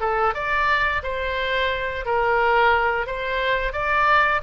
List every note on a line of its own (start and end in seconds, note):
0.00 0.34 A4
0.34 1.02 D5
1.03 2.05 C5
2.05 3.06 A#4
3.06 3.73 C5
3.73 4.41 D5